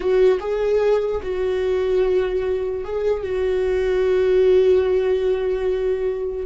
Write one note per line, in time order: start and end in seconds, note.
0.00 0.38 F#4
0.40 1.21 G#4
1.22 2.84 F#4
2.84 3.22 G#4
3.22 6.46 F#4